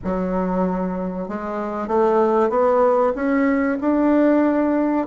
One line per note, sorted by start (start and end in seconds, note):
0.03 1.28 F#3
1.28 1.87 G#3
1.87 2.49 A3
2.49 3.12 B3
3.15 3.78 C#4
3.81 5.06 D4